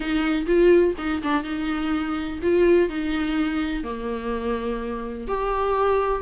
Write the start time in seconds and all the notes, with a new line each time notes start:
0.00 D#4
0.46 F4
0.98 D#4
1.22 D4
1.43 D#4
2.42 F4
2.89 D#4
3.83 A#3
5.27 G4